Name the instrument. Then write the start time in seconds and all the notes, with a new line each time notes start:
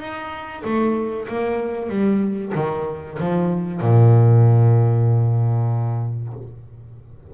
double bass
0.00 D#4
0.65 A3
1.29 A#3
1.90 G3
2.55 D#3
3.20 F3
3.81 A#2